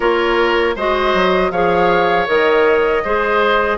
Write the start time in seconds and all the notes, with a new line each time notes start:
0.00 A#3 F4 A#4 C#5
0.75 G#3 F#4 C5 D#5
1.13 F#3
1.51 F3 G#4 C#5 F5
2.26 D#3 A#4 D#5
3.03 G#3 G#4 C5